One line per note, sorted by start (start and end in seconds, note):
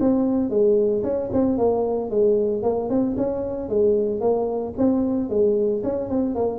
0.00 0.49 C4
0.49 1.03 G#3
1.03 1.30 C#4
1.32 1.58 C4
1.58 2.10 A#3
2.10 2.62 G#3
2.62 2.89 A#3
2.89 3.15 C4
3.16 3.69 C#4
3.69 4.20 G#3
4.20 4.74 A#3
4.77 5.29 C4
5.29 5.82 G#3
5.83 6.09 C#4
6.09 6.35 C4
6.35 6.59 A#3